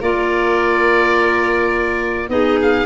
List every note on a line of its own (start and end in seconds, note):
0.00 2.29 A#3
0.00 2.30 F4
0.00 2.29 A#4
0.00 2.30 D5
2.29 2.86 B3
2.29 2.86 D#4
2.29 2.86 G#4
2.29 2.59 D#5
2.62 2.86 F5